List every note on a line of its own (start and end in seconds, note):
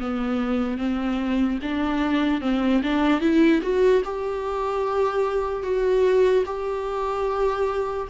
0.00 0.78 B3
0.78 1.59 C4
1.62 2.41 D4
2.41 2.82 C4
2.83 3.21 D4
3.21 3.61 E4
3.62 4.03 F#4
4.05 5.63 G4
5.63 6.44 F#4
6.46 8.08 G4